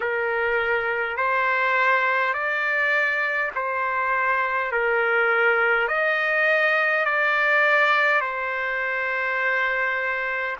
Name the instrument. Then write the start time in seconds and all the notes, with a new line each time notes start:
trumpet
0.00 A#4
1.17 C5
2.33 D5
3.55 C5
4.71 A#4
5.88 D#5
7.05 D5
8.21 C5